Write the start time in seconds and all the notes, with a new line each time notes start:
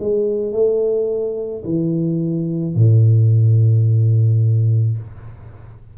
0.00 G#3
0.53 A3
1.65 E3
2.76 A2